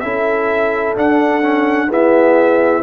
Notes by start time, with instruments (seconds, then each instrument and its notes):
0.00 tuba C#4, trombone E4, horn A4, trumpet E5
0.96 trombone D4, tuba D4, trumpet F#5
1.41 trombone C#4
1.87 trombone B3, tuba E4, horn G#4, trumpet E5